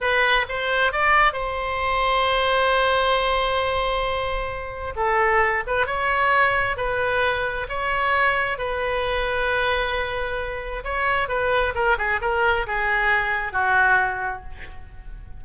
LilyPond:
\new Staff \with { instrumentName = "oboe" } { \time 4/4 \tempo 4 = 133 b'4 c''4 d''4 c''4~ | c''1~ | c''2. a'4~ | a'8 b'8 cis''2 b'4~ |
b'4 cis''2 b'4~ | b'1 | cis''4 b'4 ais'8 gis'8 ais'4 | gis'2 fis'2 | }